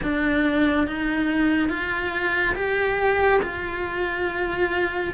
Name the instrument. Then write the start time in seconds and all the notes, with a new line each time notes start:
cello
0.02 D4
0.87 D#4
1.69 F4
2.55 G4
3.42 F4